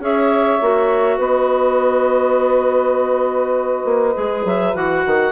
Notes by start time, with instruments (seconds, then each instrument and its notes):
0.00 bassoon C#4, clarinet G#4 E5, saxophone C#5
0.61 bassoon A#3, clarinet F#4
1.17 bassoon B3, saxophone B4, clarinet D#5
3.85 bassoon A#3
4.14 bassoon G#3, clarinet G#4
4.45 bassoon F#3, clarinet E5
4.74 bassoon E3, clarinet F#4 F#5
5.06 bassoon D#3